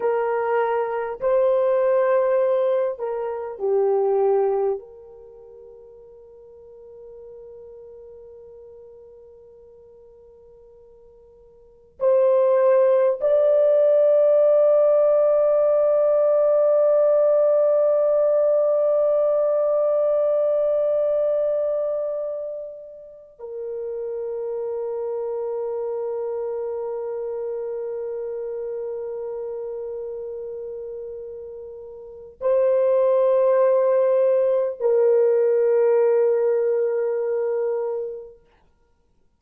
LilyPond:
\new Staff \with { instrumentName = "horn" } { \time 4/4 \tempo 4 = 50 ais'4 c''4. ais'8 g'4 | ais'1~ | ais'2 c''4 d''4~ | d''1~ |
d''2.~ d''8 ais'8~ | ais'1~ | ais'2. c''4~ | c''4 ais'2. | }